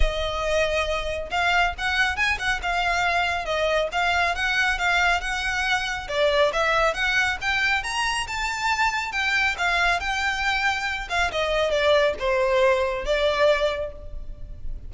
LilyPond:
\new Staff \with { instrumentName = "violin" } { \time 4/4 \tempo 4 = 138 dis''2. f''4 | fis''4 gis''8 fis''8 f''2 | dis''4 f''4 fis''4 f''4 | fis''2 d''4 e''4 |
fis''4 g''4 ais''4 a''4~ | a''4 g''4 f''4 g''4~ | g''4. f''8 dis''4 d''4 | c''2 d''2 | }